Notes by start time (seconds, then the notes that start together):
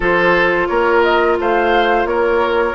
0.00 F3 F4 A4 C5
0.67 A#3 A#4 C#5
1.02 D#5
1.39 A3 C5 F5
2.05 A#3 A#4 C#5